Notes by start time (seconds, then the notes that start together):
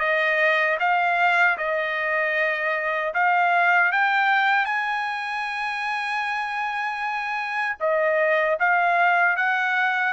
0.00 D#5
0.80 F5
1.58 D#5
3.15 F5
3.92 G5
4.65 G#5
7.80 D#5
8.60 F5
9.37 F#5